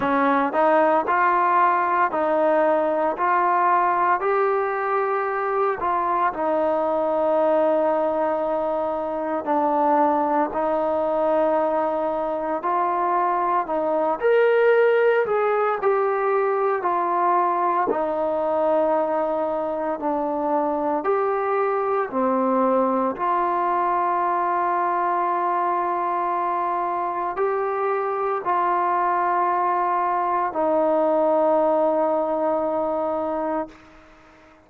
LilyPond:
\new Staff \with { instrumentName = "trombone" } { \time 4/4 \tempo 4 = 57 cis'8 dis'8 f'4 dis'4 f'4 | g'4. f'8 dis'2~ | dis'4 d'4 dis'2 | f'4 dis'8 ais'4 gis'8 g'4 |
f'4 dis'2 d'4 | g'4 c'4 f'2~ | f'2 g'4 f'4~ | f'4 dis'2. | }